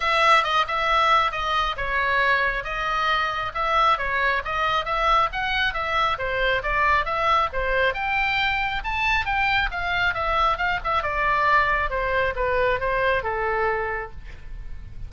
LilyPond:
\new Staff \with { instrumentName = "oboe" } { \time 4/4 \tempo 4 = 136 e''4 dis''8 e''4. dis''4 | cis''2 dis''2 | e''4 cis''4 dis''4 e''4 | fis''4 e''4 c''4 d''4 |
e''4 c''4 g''2 | a''4 g''4 f''4 e''4 | f''8 e''8 d''2 c''4 | b'4 c''4 a'2 | }